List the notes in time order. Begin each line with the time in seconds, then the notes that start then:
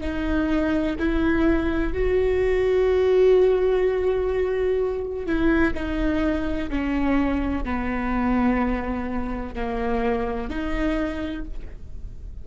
0.00 D#4
0.99 E4
1.92 F#4
5.26 E4
5.74 D#4
6.69 C#4
7.64 B3
9.54 A#3
10.49 D#4